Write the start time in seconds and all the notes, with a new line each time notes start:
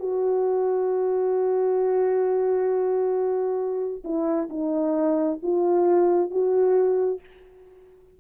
0.00 F#4
4.05 E4
4.50 D#4
5.43 F4
6.31 F#4